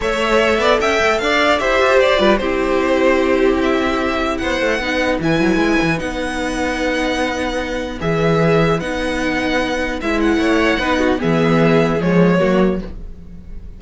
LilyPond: <<
  \new Staff \with { instrumentName = "violin" } { \time 4/4 \tempo 4 = 150 e''2 g''4 f''4 | e''4 d''4 c''2~ | c''4 e''2 fis''4~ | fis''4 gis''2 fis''4~ |
fis''1 | e''2 fis''2~ | fis''4 e''8 fis''2~ fis''8 | e''2 cis''2 | }
  \new Staff \with { instrumentName = "violin" } { \time 4/4 cis''4. d''8 e''4 d''4 | c''4. b'8 g'2~ | g'2. c''4 | b'1~ |
b'1~ | b'1~ | b'2 cis''4 b'8 fis'8 | gis'2. fis'4 | }
  \new Staff \with { instrumentName = "viola" } { \time 4/4 a'1 | g'4. f'8 e'2~ | e'1 | dis'4 e'2 dis'4~ |
dis'1 | gis'2 dis'2~ | dis'4 e'2 dis'4 | b2 gis4 ais4 | }
  \new Staff \with { instrumentName = "cello" } { \time 4/4 a4. b8 cis'8 a8 d'4 | e'8 f'8 g'8 g8 c'2~ | c'2. b8 a8 | b4 e8 fis8 gis8 e8 b4~ |
b1 | e2 b2~ | b4 gis4 a4 b4 | e2 f4 fis4 | }
>>